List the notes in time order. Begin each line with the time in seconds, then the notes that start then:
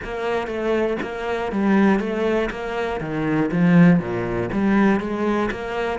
0.03 A#3
0.47 A3
1.02 A#3
1.52 G3
1.99 A3
2.50 A#3
3.00 D#3
3.51 F3
3.99 A#2
4.52 G3
5.00 G#3
5.51 A#3